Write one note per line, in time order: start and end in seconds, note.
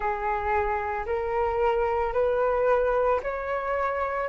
0.00 1.05 G#4
1.06 2.13 A#4
2.13 3.20 B4
3.22 4.29 C#5